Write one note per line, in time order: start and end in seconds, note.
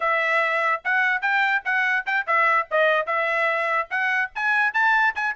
0.00 0.82 E5
0.84 1.21 F#5
1.21 1.62 G5
1.64 2.05 F#5
2.05 2.26 G5
2.27 2.68 E5
2.70 3.06 D#5
3.06 3.88 E5
3.90 4.31 F#5
4.35 4.73 G#5
4.73 5.14 A5
5.15 5.35 G#5